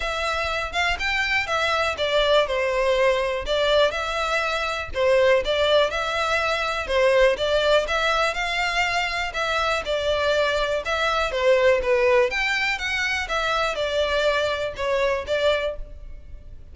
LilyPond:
\new Staff \with { instrumentName = "violin" } { \time 4/4 \tempo 4 = 122 e''4. f''8 g''4 e''4 | d''4 c''2 d''4 | e''2 c''4 d''4 | e''2 c''4 d''4 |
e''4 f''2 e''4 | d''2 e''4 c''4 | b'4 g''4 fis''4 e''4 | d''2 cis''4 d''4 | }